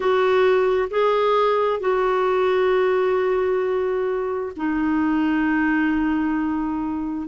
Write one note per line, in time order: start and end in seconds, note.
0.00 0.88 F#4
0.90 1.80 G#4
1.80 4.52 F#4
4.56 7.27 D#4